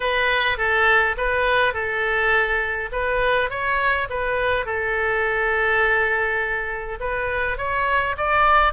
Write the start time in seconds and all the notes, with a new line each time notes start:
0.00 B4
0.57 A4
1.17 B4
1.73 A4
2.92 B4
3.50 C#5
4.09 B4
4.65 A4
7.00 B4
7.57 C#5
8.17 D5